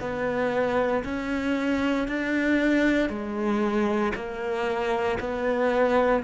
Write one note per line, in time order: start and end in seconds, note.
0.00 1.03 B3
1.04 2.08 C#4
2.08 3.09 D4
3.09 4.12 G#3
4.15 5.18 A#3
5.20 6.23 B3